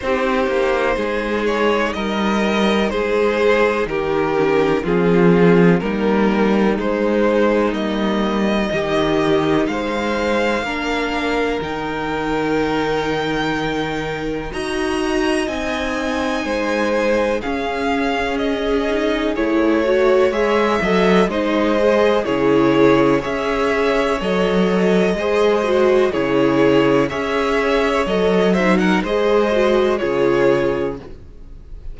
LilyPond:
<<
  \new Staff \with { instrumentName = "violin" } { \time 4/4 \tempo 4 = 62 c''4. cis''8 dis''4 c''4 | ais'4 gis'4 ais'4 c''4 | dis''2 f''2 | g''2. ais''4 |
gis''2 f''4 dis''4 | cis''4 e''4 dis''4 cis''4 | e''4 dis''2 cis''4 | e''4 dis''8 e''16 fis''16 dis''4 cis''4 | }
  \new Staff \with { instrumentName = "violin" } { \time 4/4 g'4 gis'4 ais'4 gis'4 | g'4 f'4 dis'2~ | dis'4 g'4 c''4 ais'4~ | ais'2. dis''4~ |
dis''4 c''4 gis'2~ | gis'8 cis''4 dis''8 c''4 gis'4 | cis''2 c''4 gis'4 | cis''4. c''16 ais'16 c''4 gis'4 | }
  \new Staff \with { instrumentName = "viola" } { \time 4/4 dis'1~ | dis'8 cis'8 c'4 ais4 gis4 | ais4 dis'2 d'4 | dis'2. fis'4 |
dis'2 cis'4. dis'8 | e'8 fis'8 gis'8 a'8 dis'8 gis'8 e'4 | gis'4 a'4 gis'8 fis'8 e'4 | gis'4 a'8 dis'8 gis'8 fis'8 f'4 | }
  \new Staff \with { instrumentName = "cello" } { \time 4/4 c'8 ais8 gis4 g4 gis4 | dis4 f4 g4 gis4 | g4 dis4 gis4 ais4 | dis2. dis'4 |
c'4 gis4 cis'2 | a4 gis8 fis8 gis4 cis4 | cis'4 fis4 gis4 cis4 | cis'4 fis4 gis4 cis4 | }
>>